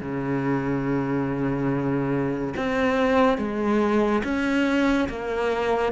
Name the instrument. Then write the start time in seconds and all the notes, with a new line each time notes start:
cello
0.00 C#3
2.57 C4
3.38 G#3
4.23 C#4
5.09 A#3